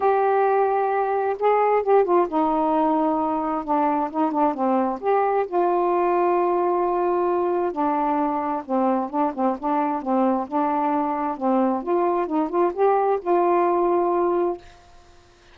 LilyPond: \new Staff \with { instrumentName = "saxophone" } { \time 4/4 \tempo 4 = 132 g'2. gis'4 | g'8 f'8 dis'2. | d'4 dis'8 d'8 c'4 g'4 | f'1~ |
f'4 d'2 c'4 | d'8 c'8 d'4 c'4 d'4~ | d'4 c'4 f'4 dis'8 f'8 | g'4 f'2. | }